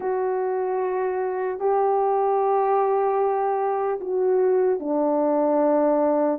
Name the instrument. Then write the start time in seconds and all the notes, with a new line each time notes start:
horn
0.00 F#4
1.59 G4
4.00 F#4
4.79 D4